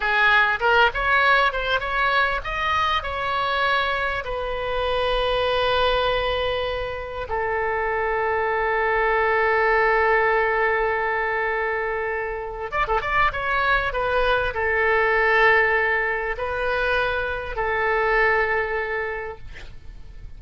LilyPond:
\new Staff \with { instrumentName = "oboe" } { \time 4/4 \tempo 4 = 99 gis'4 ais'8 cis''4 c''8 cis''4 | dis''4 cis''2 b'4~ | b'1 | a'1~ |
a'1~ | a'4 d''16 a'16 d''8 cis''4 b'4 | a'2. b'4~ | b'4 a'2. | }